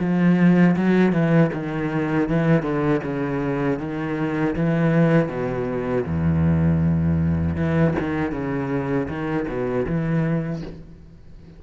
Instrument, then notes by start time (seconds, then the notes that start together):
cello
0.00 F3
0.76 F#3
1.13 E3
1.54 D#3
2.30 E3
2.63 D3
3.04 C#3
3.80 D#3
4.56 E3
5.29 B2
6.07 E2
7.57 E3
8.00 D#3
8.32 C#3
9.09 D#3
9.49 B2
9.87 E3